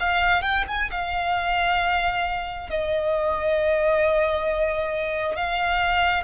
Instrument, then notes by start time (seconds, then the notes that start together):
violin
0.00 F5
0.42 G5
0.68 G#5
0.91 F5
2.70 D#5
5.36 F5